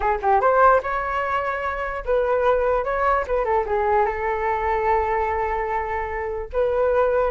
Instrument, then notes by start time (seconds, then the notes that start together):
flute
0.00 G#4
0.22 G4
0.40 C5
0.82 C#5
2.05 B4
2.84 C#5
3.27 B4
3.44 A4
3.66 G#4
4.05 A4
6.53 B4